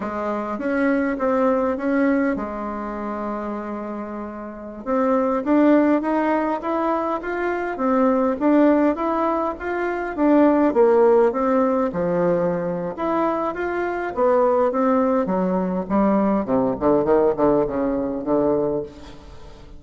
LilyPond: \new Staff \with { instrumentName = "bassoon" } { \time 4/4 \tempo 4 = 102 gis4 cis'4 c'4 cis'4 | gis1~ | gis16 c'4 d'4 dis'4 e'8.~ | e'16 f'4 c'4 d'4 e'8.~ |
e'16 f'4 d'4 ais4 c'8.~ | c'16 f4.~ f16 e'4 f'4 | b4 c'4 fis4 g4 | c8 d8 dis8 d8 cis4 d4 | }